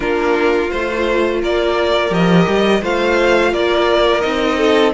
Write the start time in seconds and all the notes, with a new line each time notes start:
0.00 A#3 D4 F4 A#4
0.70 A3 F4 C5
1.41 A#3 A#4 D5
2.09 F3 G4 D#5
2.47 G3
2.81 A3 F4 C5 F5
3.52 A#3 A#4 D5
4.20 C4 D#4 D#5
4.57 A4